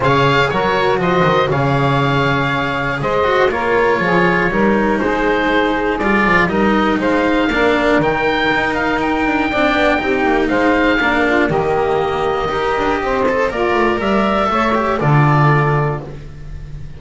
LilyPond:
<<
  \new Staff \with { instrumentName = "oboe" } { \time 4/4 \tempo 4 = 120 f''4 cis''4 dis''4 f''4~ | f''2 dis''4 cis''4~ | cis''2 c''2 | d''4 dis''4 f''2 |
g''4. f''8 g''2~ | g''4 f''2 dis''4~ | dis''2. d''4 | e''2 d''2 | }
  \new Staff \with { instrumentName = "saxophone" } { \time 4/4 cis''4 ais'4 c''4 cis''4~ | cis''2 c''4 ais'4 | gis'4 ais'4 gis'2~ | gis'4 ais'4 c''4 ais'4~ |
ais'2. d''4 | g'4 c''4 ais'8 f'8 g'4~ | g'4 ais'4 c''4 f'4 | d''4 cis''4 a'2 | }
  \new Staff \with { instrumentName = "cello" } { \time 4/4 gis'4 fis'2 gis'4~ | gis'2~ gis'8 fis'8 f'4~ | f'4 dis'2. | f'4 dis'2 d'4 |
dis'2. d'4 | dis'2 d'4 ais4~ | ais4 g'4. a'8 ais'4~ | ais'4 a'8 g'8 f'2 | }
  \new Staff \with { instrumentName = "double bass" } { \time 4/4 cis4 fis4 f8 dis8 cis4~ | cis2 gis4 ais4 | f4 g4 gis2 | g8 f8 g4 gis4 ais4 |
dis4 dis'4. d'8 c'8 b8 | c'8 ais8 gis4 ais4 dis4~ | dis4 dis'8 d'8 c'4 ais8 a8 | g4 a4 d2 | }
>>